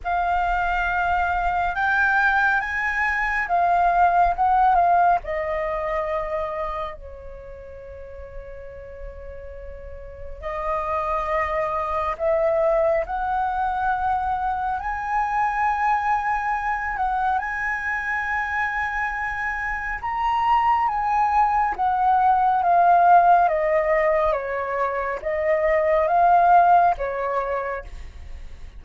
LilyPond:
\new Staff \with { instrumentName = "flute" } { \time 4/4 \tempo 4 = 69 f''2 g''4 gis''4 | f''4 fis''8 f''8 dis''2 | cis''1 | dis''2 e''4 fis''4~ |
fis''4 gis''2~ gis''8 fis''8 | gis''2. ais''4 | gis''4 fis''4 f''4 dis''4 | cis''4 dis''4 f''4 cis''4 | }